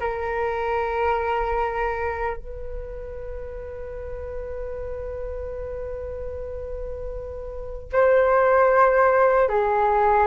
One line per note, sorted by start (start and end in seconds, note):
0.00 2.37 A#4
2.37 7.89 B4
7.92 9.49 C5
9.49 10.27 G#4